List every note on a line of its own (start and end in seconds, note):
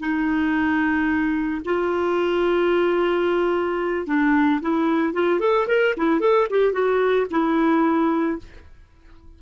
0.00 1.62 D#4
1.65 4.07 F4
4.07 4.61 D4
4.61 5.14 E4
5.14 5.40 F4
5.40 5.67 A4
5.68 5.95 A#4
5.97 6.20 E4
6.20 6.47 A4
6.51 6.73 G4
6.73 7.27 F#4
7.31 8.39 E4